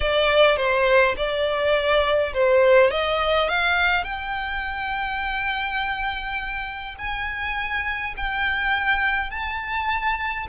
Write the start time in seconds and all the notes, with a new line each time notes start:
0.00 D5
0.56 C5
1.16 D5
2.33 C5
2.90 D#5
3.48 F5
4.04 G5
6.98 G#5
8.16 G5
9.30 A5